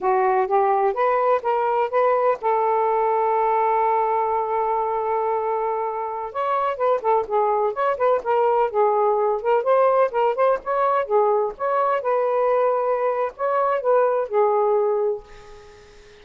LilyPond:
\new Staff \with { instrumentName = "saxophone" } { \time 4/4 \tempo 4 = 126 fis'4 g'4 b'4 ais'4 | b'4 a'2.~ | a'1~ | a'4~ a'16 cis''4 b'8 a'8 gis'8.~ |
gis'16 cis''8 b'8 ais'4 gis'4. ais'16~ | ais'16 c''4 ais'8 c''8 cis''4 gis'8.~ | gis'16 cis''4 b'2~ b'8. | cis''4 b'4 gis'2 | }